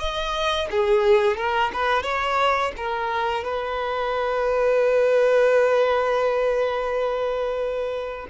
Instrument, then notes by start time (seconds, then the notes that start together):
violin
0.00 D#5
0.71 G#4
1.37 A#4
1.74 B4
2.03 C#5
2.77 A#4
3.45 B4